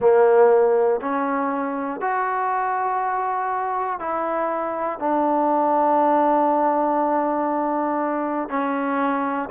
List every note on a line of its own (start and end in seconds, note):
0.00 1.00 A#3
1.00 2.00 C#4
2.00 4.00 F#4
4.00 4.99 E4
4.99 8.49 D4
8.49 9.49 C#4